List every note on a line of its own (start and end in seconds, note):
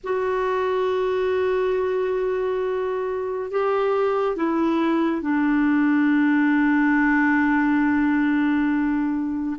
0.03 3.50 F#4
3.50 4.36 G4
4.36 5.21 E4
5.21 9.56 D4